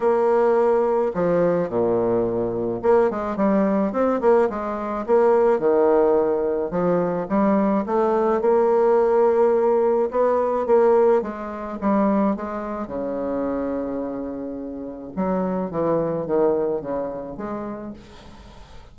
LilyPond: \new Staff \with { instrumentName = "bassoon" } { \time 4/4 \tempo 4 = 107 ais2 f4 ais,4~ | ais,4 ais8 gis8 g4 c'8 ais8 | gis4 ais4 dis2 | f4 g4 a4 ais4~ |
ais2 b4 ais4 | gis4 g4 gis4 cis4~ | cis2. fis4 | e4 dis4 cis4 gis4 | }